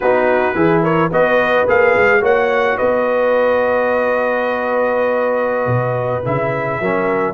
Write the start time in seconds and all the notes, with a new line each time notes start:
0.00 B3 D#4 F#4 B4
0.54 E3 E4 G#4
0.82 A#4 C#5
1.11 B3 F#4 B4 D#5
1.67 A#3 G#4 F5
1.96 G#3
2.20 A#3 F#4 C#5 F#5
2.77 B3 B4 D#5
5.66 B2
6.25 C#3 E4 E5
6.80 F#3 C#4 A#4